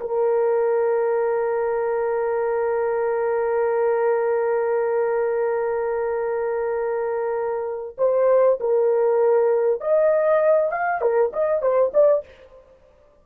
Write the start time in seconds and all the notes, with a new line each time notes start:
0.00 A#4
7.98 C5
8.60 A#4
9.81 D#5
10.71 F5
11.01 A#4
11.33 D#5
11.62 C5
11.94 D5